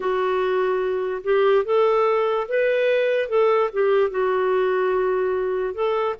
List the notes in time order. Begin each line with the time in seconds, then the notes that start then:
0.00 F#4
1.23 G4
1.64 A4
2.48 B4
3.29 A4
3.72 G4
4.10 F#4
5.74 A4